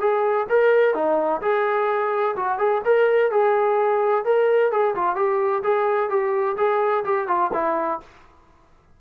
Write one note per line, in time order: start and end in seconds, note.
0.00 0.47 G#4
0.49 0.94 A#4
0.94 1.41 D#4
1.42 2.35 G#4
2.36 2.58 F#4
2.58 2.82 G#4
2.85 3.31 A#4
3.31 4.25 G#4
4.25 4.72 A#4
4.72 4.95 G#4
4.95 5.16 F4
5.16 5.63 G4
5.63 6.10 G#4
6.10 6.56 G4
6.57 7.04 G#4
7.04 7.27 G4
7.27 7.51 F4
7.53 8.00 E4